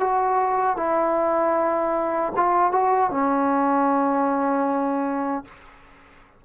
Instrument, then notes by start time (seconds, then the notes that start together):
trombone
0.00 F#4
0.77 E4
2.37 F4
2.72 F#4
3.11 C#4